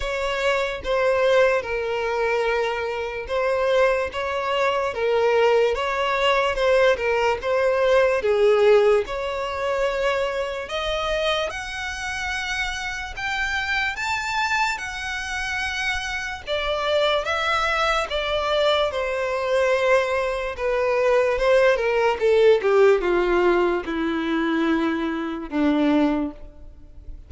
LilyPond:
\new Staff \with { instrumentName = "violin" } { \time 4/4 \tempo 4 = 73 cis''4 c''4 ais'2 | c''4 cis''4 ais'4 cis''4 | c''8 ais'8 c''4 gis'4 cis''4~ | cis''4 dis''4 fis''2 |
g''4 a''4 fis''2 | d''4 e''4 d''4 c''4~ | c''4 b'4 c''8 ais'8 a'8 g'8 | f'4 e'2 d'4 | }